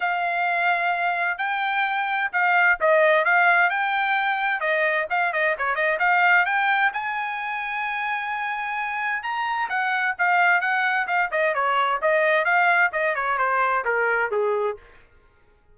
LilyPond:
\new Staff \with { instrumentName = "trumpet" } { \time 4/4 \tempo 4 = 130 f''2. g''4~ | g''4 f''4 dis''4 f''4 | g''2 dis''4 f''8 dis''8 | cis''8 dis''8 f''4 g''4 gis''4~ |
gis''1 | ais''4 fis''4 f''4 fis''4 | f''8 dis''8 cis''4 dis''4 f''4 | dis''8 cis''8 c''4 ais'4 gis'4 | }